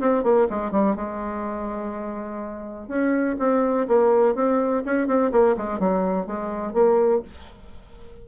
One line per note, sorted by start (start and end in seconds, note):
0.00 0.23 C4
0.23 0.47 A#3
0.49 0.71 G#3
0.71 0.95 G3
0.95 2.87 G#3
2.87 3.36 C#4
3.38 3.87 C4
3.88 4.34 A#3
4.34 4.83 C4
4.85 5.07 C#4
5.07 5.31 C4
5.31 5.55 A#3
5.56 5.79 G#3
5.79 6.26 F#3
6.26 6.73 G#3
6.73 7.21 A#3